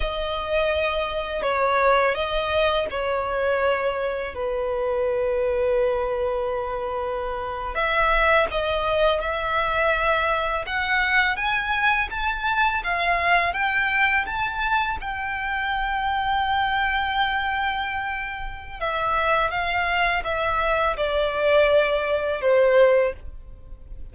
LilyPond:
\new Staff \with { instrumentName = "violin" } { \time 4/4 \tempo 4 = 83 dis''2 cis''4 dis''4 | cis''2 b'2~ | b'2~ b'8. e''4 dis''16~ | dis''8. e''2 fis''4 gis''16~ |
gis''8. a''4 f''4 g''4 a''16~ | a''8. g''2.~ g''16~ | g''2 e''4 f''4 | e''4 d''2 c''4 | }